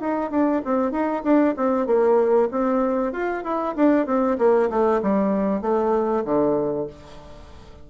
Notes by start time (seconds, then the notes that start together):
0.00 D#4
0.30 D4
0.64 C4
0.91 D#4
1.23 D4
1.57 C4
1.86 A#3
2.51 C4
3.12 F4
3.43 E4
3.76 D4
4.06 C4
4.38 A#3
4.70 A3
5.02 G3
5.61 A3
6.24 D3